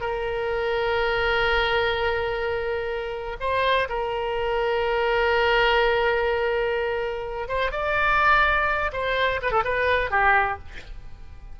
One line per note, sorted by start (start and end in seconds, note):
0.00 3.36 A#4
3.40 3.88 C5
3.89 7.48 A#4
7.48 7.71 C5
7.71 8.91 D5
8.92 9.40 C5
9.42 9.51 B4
9.51 9.63 A4
9.64 10.10 B4
10.10 10.58 G4